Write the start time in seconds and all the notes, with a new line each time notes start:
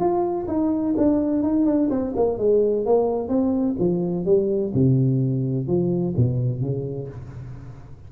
0.00 F4
0.48 D#4
0.97 D4
1.43 D#4
1.66 D4
1.90 C4
2.16 A#3
2.39 G#3
2.86 A#3
3.29 C4
3.79 F3
4.26 G3
4.75 C3
5.68 F3
6.17 B2
6.61 C#3